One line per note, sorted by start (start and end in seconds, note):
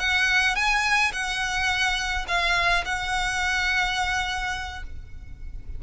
0.00 0.56 F#5
0.56 1.12 G#5
1.13 2.26 F#5
2.28 2.85 F5
2.86 4.84 F#5